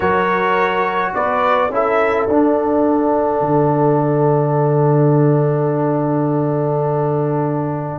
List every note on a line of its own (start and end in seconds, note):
0.00 1.13 F#3
0.00 1.70 F#4
0.00 1.12 A#4
0.00 1.14 C#5
1.14 1.69 B3
1.14 1.72 B4
1.14 1.71 D5
1.69 2.26 C#4
1.69 2.28 E4
1.69 7.98 A4
1.69 2.27 E5
2.27 3.41 D4
2.27 7.98 D4
2.27 7.98 F#5
3.41 7.98 D3